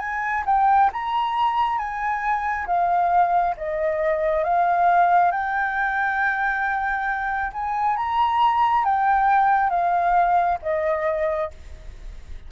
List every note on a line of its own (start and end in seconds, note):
0.00 0.44 G#5
0.47 0.91 G5
0.93 1.79 A#5
1.79 2.67 G#5
2.67 3.55 F5
3.58 4.44 D#5
4.44 5.32 F5
5.32 7.52 G5
7.54 7.97 G#5
7.97 8.85 A#5
8.85 9.71 G5
9.71 10.59 F5
10.63 11.51 D#5